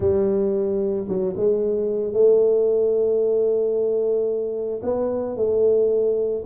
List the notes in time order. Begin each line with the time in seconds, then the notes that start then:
0.00 G3
1.08 F#3
1.36 G#3
2.13 A3
4.82 B3
5.36 A3